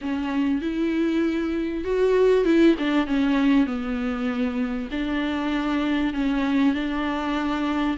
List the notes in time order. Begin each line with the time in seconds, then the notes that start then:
0.01 C#4
0.61 E4
1.84 F#4
2.45 E4
2.78 D4
3.06 C#4
3.66 B3
4.91 D4
6.13 C#4
6.74 D4